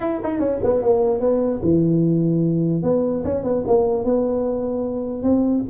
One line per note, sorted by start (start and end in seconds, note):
0.00 0.20 E4
0.23 0.39 D#4
0.39 0.59 C#4
0.63 0.82 B3
0.82 1.20 A#3
1.20 1.60 B3
1.62 2.82 E3
2.82 3.23 B3
3.24 3.43 C#4
3.43 3.63 B3
3.67 4.04 A#3
4.04 5.22 B3
5.22 5.63 C4